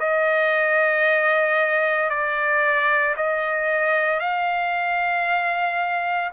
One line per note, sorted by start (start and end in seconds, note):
0.00 2.10 D#5
2.10 3.15 D5
3.16 4.20 D#5
4.20 6.30 F5